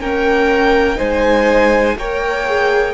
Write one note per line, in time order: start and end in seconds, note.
0.00 1.00 A#3
0.00 0.96 C#4
0.00 0.98 A#4
0.00 1.00 G5
0.96 1.97 G#3
0.96 1.94 D#4
0.96 1.96 C5
0.96 1.98 G#5
1.97 2.94 A#3
1.97 2.47 A#4
1.97 2.94 C#5
1.97 2.94 G5
2.47 2.94 G#4